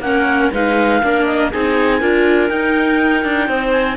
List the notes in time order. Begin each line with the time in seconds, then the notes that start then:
0.00 A#3 C#4 A#4 F#5
0.52 G#3 D#4 B4 F5
1.02 A#3 D4 A#4
1.25 D#5
1.52 C4 D#4 G#4 G#5
2.00 D4 F4 A#4
2.49 D#4 G5
3.24 D4
3.48 C4 C5
3.72 G#5